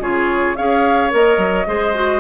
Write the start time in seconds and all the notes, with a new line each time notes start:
0.00 C#3 F4 G#4 C#5
0.56 C#4 G#4 C#5 F5
1.11 A#3 A#4 D#5
1.38 F#3
1.67 G#3 G#4 C5
1.95 F#4